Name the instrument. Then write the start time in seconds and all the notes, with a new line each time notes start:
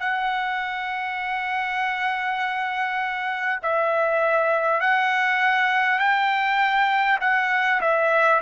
trumpet
0.00 F#5
3.63 E5
4.81 F#5
5.99 G5
7.21 F#5
7.82 E5